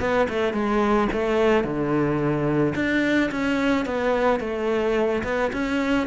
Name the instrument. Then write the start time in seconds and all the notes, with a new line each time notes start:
cello
0.00 B3
0.29 A3
0.53 G#3
1.12 A3
1.64 D3
2.75 D4
3.31 C#4
3.85 B3
4.40 A3
5.24 B3
5.53 C#4